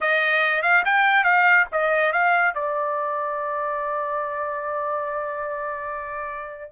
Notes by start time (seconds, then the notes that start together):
0.01 D#5
0.62 F5
0.85 G5
1.23 F5
1.71 D#5
2.12 F5
2.54 D5